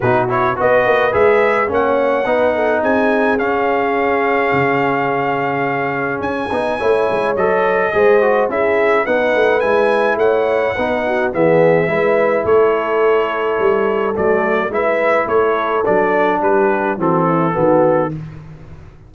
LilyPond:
<<
  \new Staff \with { instrumentName = "trumpet" } { \time 4/4 \tempo 4 = 106 b'8 cis''8 dis''4 e''4 fis''4~ | fis''4 gis''4 f''2~ | f''2. gis''4~ | gis''4 dis''2 e''4 |
fis''4 gis''4 fis''2 | e''2 cis''2~ | cis''4 d''4 e''4 cis''4 | d''4 b'4 a'2 | }
  \new Staff \with { instrumentName = "horn" } { \time 4/4 fis'4 b'2 cis''4 | b'8 a'8 gis'2.~ | gis'1 | cis''2 c''4 gis'4 |
b'2 cis''4 b'8 fis'8 | gis'4 b'4 a'2~ | a'2 b'4 a'4~ | a'4 g'4 fis'8 e'8 fis'4 | }
  \new Staff \with { instrumentName = "trombone" } { \time 4/4 dis'8 e'8 fis'4 gis'4 cis'4 | dis'2 cis'2~ | cis'2.~ cis'8 dis'8 | e'4 a'4 gis'8 fis'8 e'4 |
dis'4 e'2 dis'4 | b4 e'2.~ | e'4 a4 e'2 | d'2 c'4 b4 | }
  \new Staff \with { instrumentName = "tuba" } { \time 4/4 b,4 b8 ais8 gis4 ais4 | b4 c'4 cis'2 | cis2. cis'8 b8 | a8 gis8 fis4 gis4 cis'4 |
b8 a8 gis4 a4 b4 | e4 gis4 a2 | g4 fis4 gis4 a4 | fis4 g4 e4 dis4 | }
>>